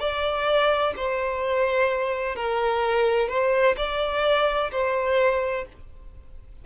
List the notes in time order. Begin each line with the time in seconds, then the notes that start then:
0.00 D5
0.97 C5
2.36 A#4
3.29 C5
3.77 D5
4.72 C5